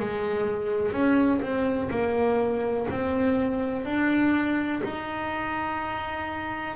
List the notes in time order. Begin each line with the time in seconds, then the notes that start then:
0.00 G#3
0.92 C#4
1.42 C4
1.91 A#3
2.91 C4
3.86 D4
4.84 D#4